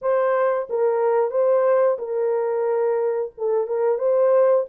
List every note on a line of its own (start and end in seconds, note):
0.01 0.68 C5
0.69 1.31 A#4
1.31 1.97 C5
1.98 3.32 A#4
3.37 3.67 A4
3.67 3.98 A#4
3.98 4.65 C5